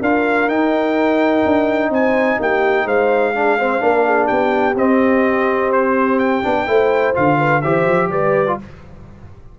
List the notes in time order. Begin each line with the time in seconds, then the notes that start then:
0.00 D4 F4 A#4 F5
0.48 D#4 G5
1.45 D4
1.90 C4 C5 G#5
2.40 A#3 G4 G5
2.85 G#3 C5 F5
3.35 D4 G#4
3.59 C4 C5
3.79 A#3 D4 A#4
4.06 G#4
4.26 B3 G4 G5
4.75 C4 D#5
5.72 C5
6.19 G5
6.43 B3 D4
6.67 A3 E4 C5
7.14 D3 F4 F5
7.38 B4
7.62 E3 G4 C5 E5
7.86 F3
8.10 G3 B4 D5
8.47 F4